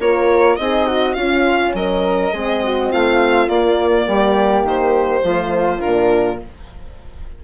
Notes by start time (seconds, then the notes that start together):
0.00 A#3 F4 A#4 C#5
0.56 C4 D#4 G#4 D#5
0.86 F#4
1.14 C#4 F4 F5
1.74 F#3 A#4 D#5
2.33 G#3 C4 G#4
2.63 F#4
2.92 A3 F4 F5
3.49 A#3 D5
4.08 G3 G4
4.63 D#3 C5
5.23 F3 A3 F4
5.80 D4 A#4
5.86 A#2